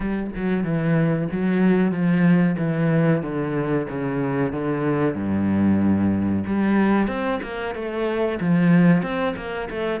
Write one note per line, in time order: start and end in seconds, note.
0.00 0.30 G3
0.35 0.63 F#3
0.63 1.28 E3
1.32 1.91 F#3
1.91 2.56 F3
2.58 3.22 E3
3.22 3.87 D3
3.89 4.52 C#3
4.52 5.14 D3
5.14 6.43 G2
6.46 7.07 G3
7.07 7.40 C4
7.42 7.74 A#3
7.74 8.39 A3
8.40 9.02 F3
9.02 9.34 C4
9.36 9.68 A#3
9.69 10.00 A3